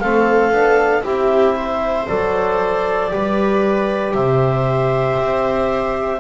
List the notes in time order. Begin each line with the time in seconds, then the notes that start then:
0.00 A3 C4 A4 F5
0.52 B3 D4
1.03 C4 E4 G4 E5
1.57 C5
2.08 F#3 A4 D5
3.10 G3 G4 B4
4.14 C3 C5 E5
5.19 C4